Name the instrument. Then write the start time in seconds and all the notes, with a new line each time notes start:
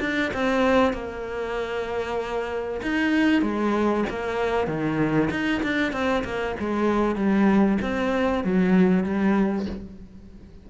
cello
0.00 D4
0.33 C4
0.93 A#3
2.82 D#4
3.41 G#3
4.09 A#3
4.67 D#3
5.30 D#4
5.62 D4
5.92 C4
6.24 A#3
6.59 G#3
7.15 G3
7.82 C4
8.44 F#3
9.03 G3